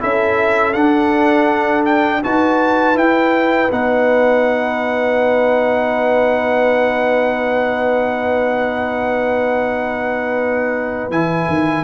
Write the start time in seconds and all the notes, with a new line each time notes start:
0.00 C#4 E4 A4 E5
0.73 D4 F#5
1.85 G5
2.23 D#4 F#4 B4 A5
2.95 E4 G5
3.71 B3 D#4 F#5
11.10 E3 E4 G#5
11.48 D#3